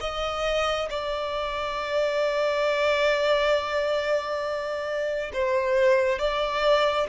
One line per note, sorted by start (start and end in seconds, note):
0.00 0.88 D#5
0.89 5.31 D5
5.33 6.18 C5
6.18 7.07 D5